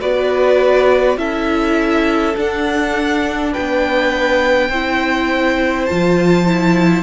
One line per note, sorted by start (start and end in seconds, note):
0.00 1.17 B3
0.00 1.17 F#4
0.00 1.18 B4
0.00 1.18 D5
1.17 2.35 C#4
1.17 2.35 E4
1.17 3.52 A4
1.17 2.36 E5
2.36 4.71 D4
2.36 3.55 D4
2.36 3.53 F#5
3.52 4.69 B3
3.52 4.69 B4
3.52 5.86 G5
4.69 5.87 C4
4.69 5.89 E4
4.69 7.03 C5
5.86 7.03 F3
5.86 6.46 F4
5.86 7.03 A5
6.46 7.03 E4